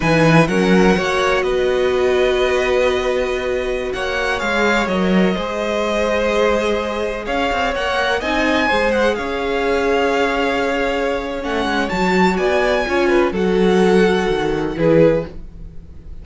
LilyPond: <<
  \new Staff \with { instrumentName = "violin" } { \time 4/4 \tempo 4 = 126 gis''4 fis''2 dis''4~ | dis''1~ | dis''16 fis''4 f''4 dis''4.~ dis''16~ | dis''2.~ dis''16 f''8.~ |
f''16 fis''4 gis''4. fis''8 f''8.~ | f''1 | fis''4 a''4 gis''2 | fis''2. b'4 | }
  \new Staff \with { instrumentName = "violin" } { \time 4/4 b'4 ais'4 cis''4 b'4~ | b'1~ | b'16 cis''2. c''8.~ | c''2.~ c''16 cis''8.~ |
cis''4~ cis''16 dis''4 c''4 cis''8.~ | cis''1~ | cis''2 d''4 cis''8 b'8 | a'2. gis'4 | }
  \new Staff \with { instrumentName = "viola" } { \time 4/4 dis'4 cis'4 fis'2~ | fis'1~ | fis'4~ fis'16 gis'4 ais'4 gis'8.~ | gis'1~ |
gis'16 ais'4 dis'4 gis'4.~ gis'16~ | gis'1 | cis'4 fis'2 f'4 | fis'2. e'4 | }
  \new Staff \with { instrumentName = "cello" } { \time 4/4 e4 fis4 ais4 b4~ | b1~ | b16 ais4 gis4 fis4 gis8.~ | gis2.~ gis16 cis'8 c'16~ |
c'16 ais4 c'4 gis4 cis'8.~ | cis'1 | a8 gis8 fis4 b4 cis'4 | fis2 dis4 e4 | }
>>